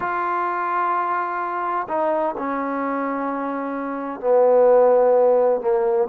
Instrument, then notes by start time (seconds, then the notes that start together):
trombone
0.00 F4
1.88 D#4
2.37 C#4
4.20 B3
5.60 A#3